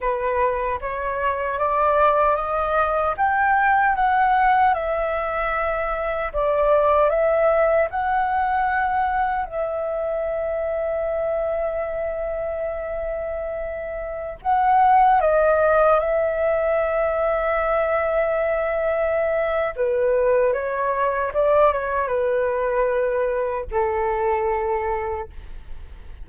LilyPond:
\new Staff \with { instrumentName = "flute" } { \time 4/4 \tempo 4 = 76 b'4 cis''4 d''4 dis''4 | g''4 fis''4 e''2 | d''4 e''4 fis''2 | e''1~ |
e''2~ e''16 fis''4 dis''8.~ | dis''16 e''2.~ e''8.~ | e''4 b'4 cis''4 d''8 cis''8 | b'2 a'2 | }